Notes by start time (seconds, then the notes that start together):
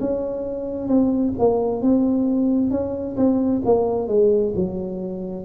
0.00 C#4
0.88 C4
1.39 A#3
1.82 C4
2.71 C#4
3.17 C4
3.65 A#3
4.08 G#3
4.55 F#3